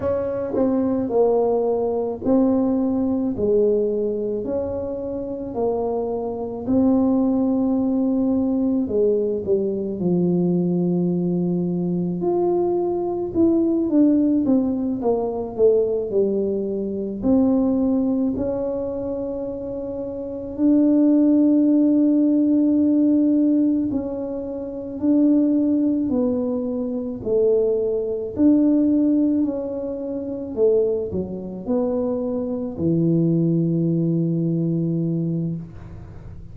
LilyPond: \new Staff \with { instrumentName = "tuba" } { \time 4/4 \tempo 4 = 54 cis'8 c'8 ais4 c'4 gis4 | cis'4 ais4 c'2 | gis8 g8 f2 f'4 | e'8 d'8 c'8 ais8 a8 g4 c'8~ |
c'8 cis'2 d'4.~ | d'4. cis'4 d'4 b8~ | b8 a4 d'4 cis'4 a8 | fis8 b4 e2~ e8 | }